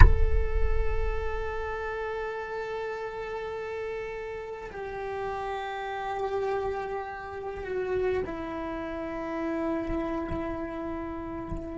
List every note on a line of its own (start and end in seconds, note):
0.00 4.71 A4
4.71 7.64 G4
7.64 8.22 F#4
8.25 11.78 E4